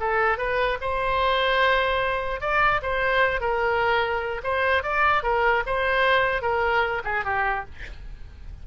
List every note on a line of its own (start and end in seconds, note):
0.00 0.38 A4
0.38 0.78 B4
0.81 2.41 C5
2.41 2.81 D5
2.82 3.41 C5
3.41 4.41 A#4
4.43 4.83 C5
4.83 5.23 D5
5.23 5.63 A#4
5.66 6.42 C5
6.42 7.02 A#4
7.04 7.24 G#4
7.25 7.65 G4